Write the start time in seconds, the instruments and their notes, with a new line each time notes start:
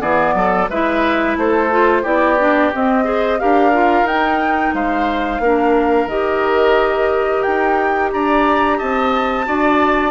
0.00 bassoon E3, clarinet B3, oboe G#4, flute D5
0.34 bassoon F#3, oboe A4
0.69 bassoon G#3, clarinet E4, oboe B4, flute E5
1.36 bassoon A3, oboe A4, flute C5
1.71 clarinet F4
2.03 bassoon B3, clarinet E4, oboe G4, flute D5
2.39 clarinet D4
2.73 clarinet C4, bassoon C4, flute D#5
3.04 clarinet G#4, oboe C5
3.39 bassoon D4, clarinet G4, oboe A#4, flute F5
3.73 clarinet F4
4.03 bassoon D#4, flute G5
4.09 clarinet D#4
4.74 bassoon G#3, oboe C5, flute F5
5.40 bassoon A#3, clarinet D4, oboe A#4
6.07 bassoon D#3, clarinet G4, flute D#5
7.42 bassoon D#4, flute G5
8.12 bassoon D4, oboe D5, flute A#5
8.78 bassoon C4, oboe D#5, flute A5
9.46 bassoon D4, clarinet F#4, oboe D5